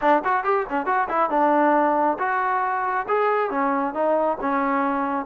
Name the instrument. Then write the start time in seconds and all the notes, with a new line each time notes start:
trombone
0.01 D4
0.24 F#4
0.44 G4
0.69 C#4
0.86 F#4
1.08 E4
1.30 D4
2.18 F#4
3.08 G#4
3.50 C#4
3.93 D#4
4.40 C#4